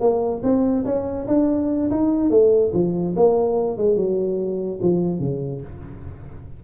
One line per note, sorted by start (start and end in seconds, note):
0.00 0.42 A#3
0.43 0.85 C4
0.85 1.27 C#4
1.27 1.90 D4
1.90 2.30 D#4
2.30 2.72 A3
2.73 3.15 F3
3.16 3.77 A#3
3.77 3.96 G#3
3.96 4.80 F#3
4.82 5.20 F3
5.20 5.61 C#3